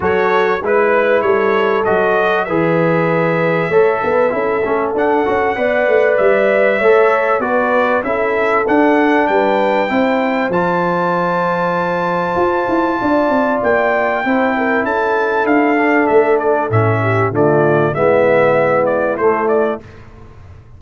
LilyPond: <<
  \new Staff \with { instrumentName = "trumpet" } { \time 4/4 \tempo 4 = 97 cis''4 b'4 cis''4 dis''4 | e''1 | fis''2 e''2 | d''4 e''4 fis''4 g''4~ |
g''4 a''2.~ | a''2 g''2 | a''4 f''4 e''8 d''8 e''4 | d''4 e''4. d''8 c''8 d''8 | }
  \new Staff \with { instrumentName = "horn" } { \time 4/4 a'4 b'4 a'2 | b'2 cis''8 b'8 a'4~ | a'4 d''2 cis''4 | b'4 a'2 b'4 |
c''1~ | c''4 d''2 c''8 ais'8 | a'2.~ a'8 g'8 | f'4 e'2. | }
  \new Staff \with { instrumentName = "trombone" } { \time 4/4 fis'4 e'2 fis'4 | gis'2 a'4 e'8 cis'8 | d'8 fis'8 b'2 a'4 | fis'4 e'4 d'2 |
e'4 f'2.~ | f'2. e'4~ | e'4. d'4. cis'4 | a4 b2 a4 | }
  \new Staff \with { instrumentName = "tuba" } { \time 4/4 fis4 gis4 g4 fis4 | e2 a8 b8 cis'8 a8 | d'8 cis'8 b8 a8 g4 a4 | b4 cis'4 d'4 g4 |
c'4 f2. | f'8 e'8 d'8 c'8 ais4 c'4 | cis'4 d'4 a4 a,4 | d4 gis2 a4 | }
>>